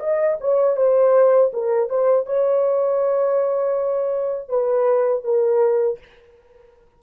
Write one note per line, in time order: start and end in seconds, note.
0.00 0.38 D#5
0.41 0.77 C#5
0.77 1.52 C5
1.53 1.90 A#4
1.90 2.26 C5
2.26 4.49 C#5
4.49 5.24 B4
5.24 5.99 A#4